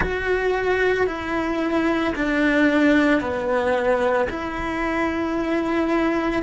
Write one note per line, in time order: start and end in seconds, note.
0.00 1.06 F#4
1.06 2.13 E4
2.15 3.20 D4
3.20 4.28 B3
4.29 6.42 E4